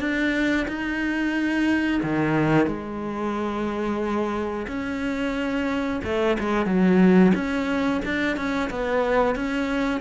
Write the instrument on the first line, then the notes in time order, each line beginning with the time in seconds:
cello
0.00 D4
0.68 D#4
2.03 D#3
2.67 G#3
4.68 C#4
6.04 A3
6.40 G#3
6.66 F#3
7.35 C#4
8.05 D4
8.37 C#4
8.70 B3
9.35 C#4